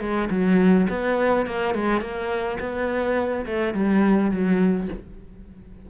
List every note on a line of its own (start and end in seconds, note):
0.00 0.29 G#3
0.30 0.87 F#3
0.89 1.46 B3
1.46 1.74 A#3
1.74 2.01 G#3
2.01 2.58 A#3
2.60 3.45 B3
3.46 3.74 A3
3.74 4.31 G3
4.31 4.88 F#3